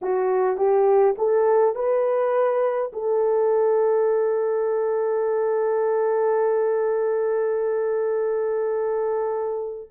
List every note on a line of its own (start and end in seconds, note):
0.01 0.57 F#4
0.57 1.15 G4
1.18 1.75 A4
1.75 2.91 B4
2.92 9.90 A4